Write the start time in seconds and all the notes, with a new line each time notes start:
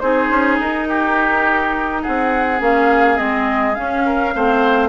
0.00 C4 D#4 G#4 C5
0.31 C#4
0.61 D#4 A#4
0.89 G4
2.03 C4 G#4 F#5
2.60 A#3 C#4 F5
3.17 G#3 C4 D#5
3.75 C#4 F5
4.06 A#4
4.34 A3 C4 C5